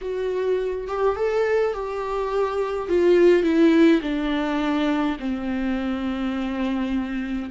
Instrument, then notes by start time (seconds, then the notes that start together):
viola
0.01 F#4
0.87 G4
1.16 A4
1.73 G4
2.88 F4
3.42 E4
4.01 D4
5.19 C4